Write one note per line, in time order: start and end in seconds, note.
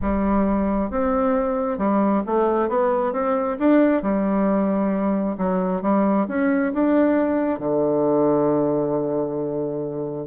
0.01 0.90 G3
0.90 1.77 C4
1.77 2.22 G3
2.26 2.68 A3
2.68 3.12 B3
3.12 3.57 C4
3.59 4.02 D4
4.02 5.36 G3
5.37 5.82 F#3
5.82 6.26 G3
6.28 6.73 C#4
6.73 7.59 D4
7.59 10.27 D3